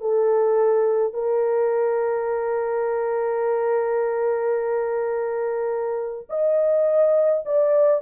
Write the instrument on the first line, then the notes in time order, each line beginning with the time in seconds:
horn
0.00 A4
1.13 A#4
6.29 D#5
7.45 D5